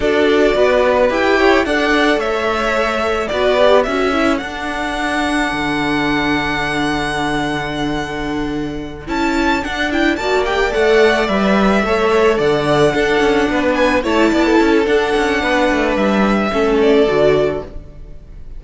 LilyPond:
<<
  \new Staff \with { instrumentName = "violin" } { \time 4/4 \tempo 4 = 109 d''2 g''4 fis''4 | e''2 d''4 e''4 | fis''1~ | fis''1~ |
fis''8 a''4 fis''8 g''8 a''8 g''8 fis''8~ | fis''8 e''2 fis''4.~ | fis''4 gis''8 a''4. fis''4~ | fis''4 e''4. d''4. | }
  \new Staff \with { instrumentName = "violin" } { \time 4/4 a'4 b'4. cis''8 d''4 | cis''2 b'4 a'4~ | a'1~ | a'1~ |
a'2~ a'8 d''4.~ | d''4. cis''4 d''4 a'8~ | a'8 b'4 cis''8 d''16 a'4.~ a'16 | b'2 a'2 | }
  \new Staff \with { instrumentName = "viola" } { \time 4/4 fis'2 g'4 a'4~ | a'2 fis'8 g'8 fis'8 e'8 | d'1~ | d'1~ |
d'8 e'4 d'8 e'8 fis'8 g'8 a'8~ | a'8 b'4 a'2 d'8~ | d'4. e'4. d'4~ | d'2 cis'4 fis'4 | }
  \new Staff \with { instrumentName = "cello" } { \time 4/4 d'4 b4 e'4 d'4 | a2 b4 cis'4 | d'2 d2~ | d1~ |
d8 cis'4 d'4 ais4 a8~ | a8 g4 a4 d4 d'8 | cis'8 b4 a8 b8 cis'8 d'8 cis'8 | b8 a8 g4 a4 d4 | }
>>